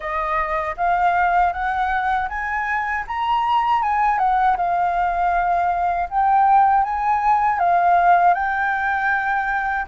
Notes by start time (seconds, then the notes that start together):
0.00 D#5
0.77 F5
1.52 F#5
2.29 G#5
3.07 A#5
3.82 G#5
4.18 F#5
4.56 F5
6.09 G5
6.83 G#5
7.59 F5
8.34 G5